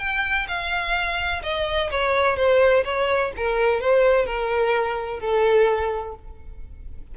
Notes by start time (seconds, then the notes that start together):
0.00 G5
0.48 F5
1.43 D#5
1.92 C#5
2.37 C5
2.85 C#5
3.37 A#4
3.81 C5
4.26 A#4
5.20 A4